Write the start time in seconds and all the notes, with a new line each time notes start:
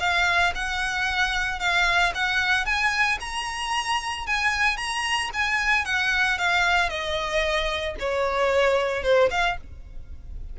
0.00 F5
0.55 F#5
1.60 F5
2.15 F#5
2.65 G#5
3.21 A#5
4.27 G#5
4.77 A#5
5.34 G#5
5.85 F#5
6.38 F5
6.90 D#5
8.00 C#5
9.03 C5
9.31 F5